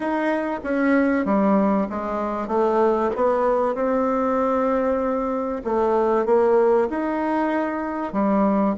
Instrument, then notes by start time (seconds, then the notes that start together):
bassoon
0.00 D#4
0.63 C#4
1.25 G3
1.89 G#3
2.47 A3
3.15 B3
3.74 C4
5.64 A3
6.25 A#3
6.90 D#4
8.12 G3